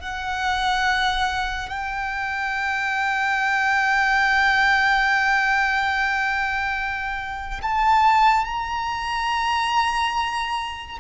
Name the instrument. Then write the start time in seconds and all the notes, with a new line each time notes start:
violin
0.00 F#5
1.69 G5
7.62 A5
8.45 A#5